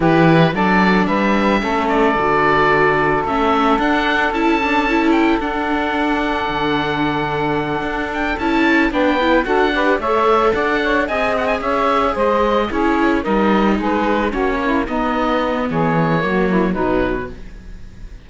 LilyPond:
<<
  \new Staff \with { instrumentName = "oboe" } { \time 4/4 \tempo 4 = 111 b'4 d''4 e''4. d''8~ | d''2 e''4 fis''4 | a''4. g''8 fis''2~ | fis''2. g''8 a''8~ |
a''8 g''4 fis''4 e''4 fis''8~ | fis''8 gis''8 fis''16 gis''16 e''4 dis''4 cis''8~ | cis''8 dis''4 b'4 cis''4 dis''8~ | dis''4 cis''2 b'4 | }
  \new Staff \with { instrumentName = "saxophone" } { \time 4/4 g'4 a'4 b'4 a'4~ | a'1~ | a'1~ | a'1~ |
a'8 b'4 a'8 b'8 cis''4 d''8 | cis''8 dis''4 cis''4 c''4 gis'8~ | gis'8 ais'4 gis'4 fis'8 e'8 dis'8~ | dis'4 gis'4 fis'8 e'8 dis'4 | }
  \new Staff \with { instrumentName = "viola" } { \time 4/4 e'4 d'2 cis'4 | fis'2 cis'4 d'4 | e'8 d'8 e'4 d'2~ | d'2.~ d'8 e'8~ |
e'8 d'8 e'8 fis'8 g'8 a'4.~ | a'8 gis'2. e'8~ | e'8 dis'2 cis'4 b8~ | b2 ais4 fis4 | }
  \new Staff \with { instrumentName = "cello" } { \time 4/4 e4 fis4 g4 a4 | d2 a4 d'4 | cis'2 d'2 | d2~ d8 d'4 cis'8~ |
cis'8 b4 d'4 a4 d'8~ | d'8 c'4 cis'4 gis4 cis'8~ | cis'8 g4 gis4 ais4 b8~ | b4 e4 fis4 b,4 | }
>>